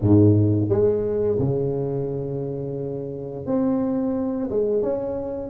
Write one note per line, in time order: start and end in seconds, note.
0.01 0.69 G#2
0.69 1.38 G#3
1.39 3.45 C#3
3.46 4.49 C4
4.50 4.82 G#3
4.82 5.50 C#4